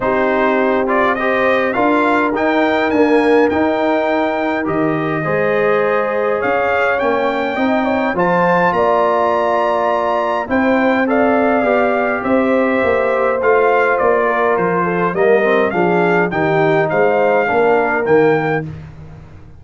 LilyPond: <<
  \new Staff \with { instrumentName = "trumpet" } { \time 4/4 \tempo 4 = 103 c''4. d''8 dis''4 f''4 | g''4 gis''4 g''2 | dis''2. f''4 | g''2 a''4 ais''4~ |
ais''2 g''4 f''4~ | f''4 e''2 f''4 | d''4 c''4 dis''4 f''4 | g''4 f''2 g''4 | }
  \new Staff \with { instrumentName = "horn" } { \time 4/4 g'2 c''4 ais'4~ | ais'1~ | ais'4 c''2 cis''4~ | cis''4 dis''8 cis''8 c''4 d''4~ |
d''2 c''4 d''4~ | d''4 c''2.~ | c''8 ais'4 a'8 ais'4 gis'4 | g'4 c''4 ais'2 | }
  \new Staff \with { instrumentName = "trombone" } { \time 4/4 dis'4. f'8 g'4 f'4 | dis'4 ais4 dis'2 | g'4 gis'2. | cis'4 dis'4 f'2~ |
f'2 e'4 a'4 | g'2. f'4~ | f'2 ais8 c'8 d'4 | dis'2 d'4 ais4 | }
  \new Staff \with { instrumentName = "tuba" } { \time 4/4 c'2. d'4 | dis'4 d'4 dis'2 | dis4 gis2 cis'4 | ais4 c'4 f4 ais4~ |
ais2 c'2 | b4 c'4 ais4 a4 | ais4 f4 g4 f4 | dis4 gis4 ais4 dis4 | }
>>